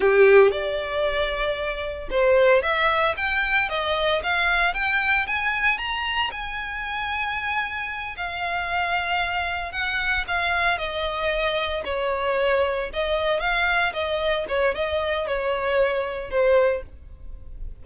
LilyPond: \new Staff \with { instrumentName = "violin" } { \time 4/4 \tempo 4 = 114 g'4 d''2. | c''4 e''4 g''4 dis''4 | f''4 g''4 gis''4 ais''4 | gis''2.~ gis''8 f''8~ |
f''2~ f''8 fis''4 f''8~ | f''8 dis''2 cis''4.~ | cis''8 dis''4 f''4 dis''4 cis''8 | dis''4 cis''2 c''4 | }